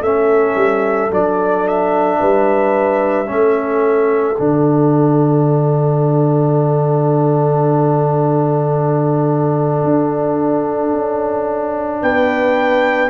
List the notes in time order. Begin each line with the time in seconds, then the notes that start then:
0.00 A3 C#4 A4 E5
0.55 G3
1.10 F#3 D4 D5
1.67 E5
2.19 G3 B4
3.26 A3 C#4 A4
4.38 D3 D4 F#5
9.84 D4
10.93 C#4
12.02 B3 B4 G5